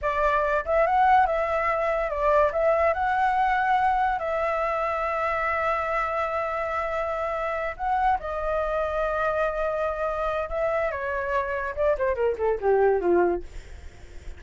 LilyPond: \new Staff \with { instrumentName = "flute" } { \time 4/4 \tempo 4 = 143 d''4. e''8 fis''4 e''4~ | e''4 d''4 e''4 fis''4~ | fis''2 e''2~ | e''1~ |
e''2~ e''8 fis''4 dis''8~ | dis''1~ | dis''4 e''4 cis''2 | d''8 c''8 ais'8 a'8 g'4 f'4 | }